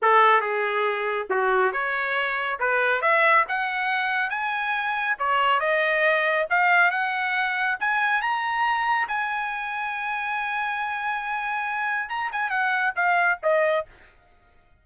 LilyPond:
\new Staff \with { instrumentName = "trumpet" } { \time 4/4 \tempo 4 = 139 a'4 gis'2 fis'4 | cis''2 b'4 e''4 | fis''2 gis''2 | cis''4 dis''2 f''4 |
fis''2 gis''4 ais''4~ | ais''4 gis''2.~ | gis''1 | ais''8 gis''8 fis''4 f''4 dis''4 | }